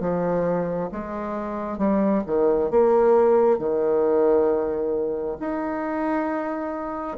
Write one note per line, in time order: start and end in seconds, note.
0.00 0.90 F3
0.92 1.78 G#3
1.78 2.23 G3
2.26 2.70 D#3
2.70 3.59 A#3
3.59 5.38 D#3
5.40 7.18 D#4